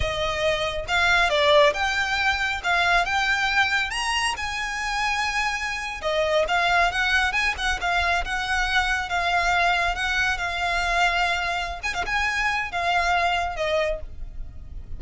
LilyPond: \new Staff \with { instrumentName = "violin" } { \time 4/4 \tempo 4 = 137 dis''2 f''4 d''4 | g''2 f''4 g''4~ | g''4 ais''4 gis''2~ | gis''4.~ gis''16 dis''4 f''4 fis''16~ |
fis''8. gis''8 fis''8 f''4 fis''4~ fis''16~ | fis''8. f''2 fis''4 f''16~ | f''2. gis''16 f''16 gis''8~ | gis''4 f''2 dis''4 | }